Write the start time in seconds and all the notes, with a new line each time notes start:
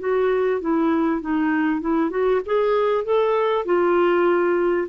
0.00 F#4
0.61 E4
1.21 D#4
1.81 E4
2.10 F#4
2.46 G#4
3.04 A4
3.66 F4